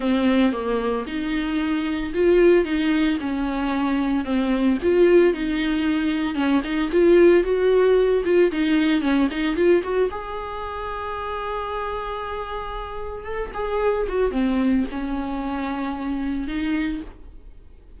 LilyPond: \new Staff \with { instrumentName = "viola" } { \time 4/4 \tempo 4 = 113 c'4 ais4 dis'2 | f'4 dis'4 cis'2 | c'4 f'4 dis'2 | cis'8 dis'8 f'4 fis'4. f'8 |
dis'4 cis'8 dis'8 f'8 fis'8 gis'4~ | gis'1~ | gis'4 a'8 gis'4 fis'8 c'4 | cis'2. dis'4 | }